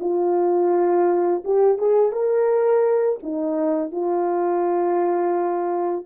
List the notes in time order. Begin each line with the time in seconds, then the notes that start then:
0.00 F4
1.44 G4
1.78 G#4
2.12 A#4
3.22 D#4
3.92 F4